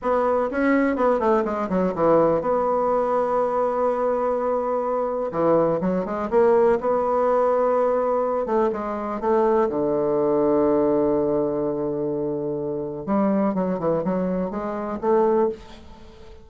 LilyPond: \new Staff \with { instrumentName = "bassoon" } { \time 4/4 \tempo 4 = 124 b4 cis'4 b8 a8 gis8 fis8 | e4 b2.~ | b2. e4 | fis8 gis8 ais4 b2~ |
b4. a8 gis4 a4 | d1~ | d2. g4 | fis8 e8 fis4 gis4 a4 | }